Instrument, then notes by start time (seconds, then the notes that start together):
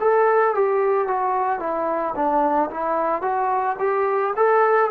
trombone
0.00 A4
0.55 G4
1.07 F#4
1.59 E4
2.15 D4
2.70 E4
3.22 F#4
3.79 G4
4.36 A4